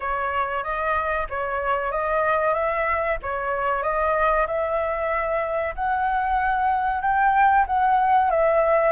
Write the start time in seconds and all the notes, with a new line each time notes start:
0.00 C#5
0.63 D#5
1.29 C#5
1.91 D#5
2.54 E5
3.22 C#5
3.82 D#5
4.47 E5
5.74 F#5
7.01 G5
7.66 F#5
8.30 E5